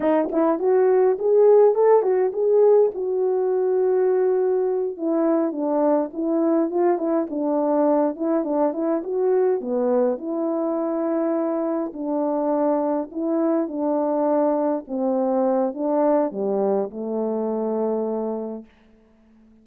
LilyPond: \new Staff \with { instrumentName = "horn" } { \time 4/4 \tempo 4 = 103 dis'8 e'8 fis'4 gis'4 a'8 fis'8 | gis'4 fis'2.~ | fis'8 e'4 d'4 e'4 f'8 | e'8 d'4. e'8 d'8 e'8 fis'8~ |
fis'8 b4 e'2~ e'8~ | e'8 d'2 e'4 d'8~ | d'4. c'4. d'4 | g4 a2. | }